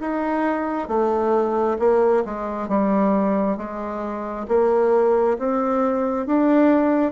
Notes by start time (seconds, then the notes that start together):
0.00 D#4
0.88 A3
1.78 A#3
2.24 G#3
2.68 G3
3.57 G#3
4.48 A#3
5.38 C4
6.26 D4